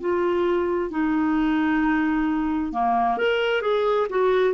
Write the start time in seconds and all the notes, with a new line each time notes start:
0.00 F4
0.90 D#4
2.72 A#3
3.17 A#4
3.61 G#4
4.09 F#4